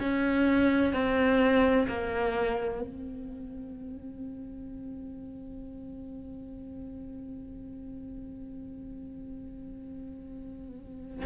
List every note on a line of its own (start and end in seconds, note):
0.00 0.93 C#4
0.93 1.87 C4
1.88 2.81 A#3
2.81 11.25 C4